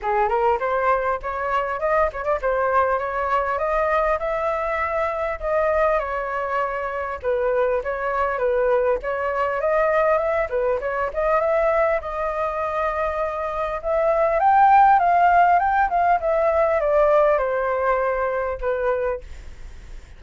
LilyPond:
\new Staff \with { instrumentName = "flute" } { \time 4/4 \tempo 4 = 100 gis'8 ais'8 c''4 cis''4 dis''8 cis''16 d''16 | c''4 cis''4 dis''4 e''4~ | e''4 dis''4 cis''2 | b'4 cis''4 b'4 cis''4 |
dis''4 e''8 b'8 cis''8 dis''8 e''4 | dis''2. e''4 | g''4 f''4 g''8 f''8 e''4 | d''4 c''2 b'4 | }